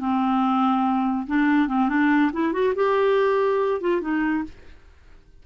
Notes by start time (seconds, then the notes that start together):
0.00 C4
1.27 D4
1.68 C4
1.89 D4
2.33 E4
2.53 F#4
2.76 G4
3.81 F4
4.02 D#4